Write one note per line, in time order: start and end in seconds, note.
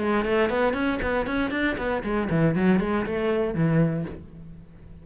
0.00 0.25 G#3
0.25 0.50 A3
0.50 0.74 B3
0.74 0.99 C#4
1.02 1.27 B3
1.27 1.51 C#4
1.51 1.76 D4
1.78 2.03 B3
2.03 2.29 G#3
2.30 2.55 E3
2.55 2.80 F#3
2.80 3.06 G#3
3.06 3.54 A3
3.54 4.05 E3